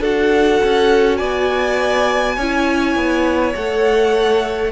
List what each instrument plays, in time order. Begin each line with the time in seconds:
0.00 cello D4, viola F#4, violin A4 F#5
0.64 cello C#4
1.17 cello B3, violin D5 G#5
2.36 cello C#4, viola E4, violin C#5
2.96 cello B3
3.55 cello A3, viola A4, violin F#5